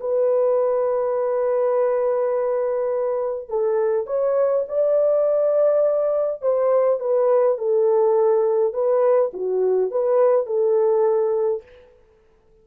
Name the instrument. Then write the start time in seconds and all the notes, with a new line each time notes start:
horn
0.00 B4
3.48 A4
4.06 C#5
4.68 D5
6.41 C5
6.99 B4
7.57 A4
8.73 B4
9.33 F#4
9.91 B4
10.46 A4